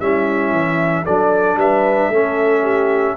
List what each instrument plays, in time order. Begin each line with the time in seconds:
0.00 tuba G3, trombone C#4, horn E4, trumpet E5
0.52 tuba E3
1.05 tuba F#3, trombone D4, horn A4, trumpet D5
1.56 tuba G3, horn B4, trumpet E5
2.09 tuba A3, trombone C#4, horn A4
2.62 horn G4